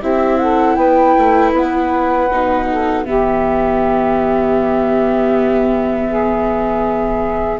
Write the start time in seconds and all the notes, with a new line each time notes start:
0.00 C4 E4 G4 E5
0.38 A4 F#5
0.75 B3 B4 G5
1.18 A3
1.52 B3 F#5
2.30 B2 D#4
2.69 A4
3.04 E3 B3 G4 E5
6.08 G#4